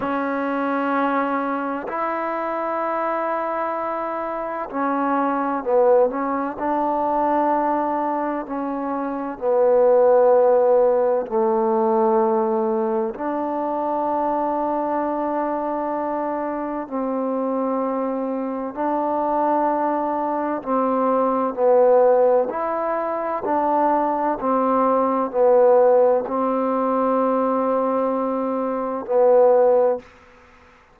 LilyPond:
\new Staff \with { instrumentName = "trombone" } { \time 4/4 \tempo 4 = 64 cis'2 e'2~ | e'4 cis'4 b8 cis'8 d'4~ | d'4 cis'4 b2 | a2 d'2~ |
d'2 c'2 | d'2 c'4 b4 | e'4 d'4 c'4 b4 | c'2. b4 | }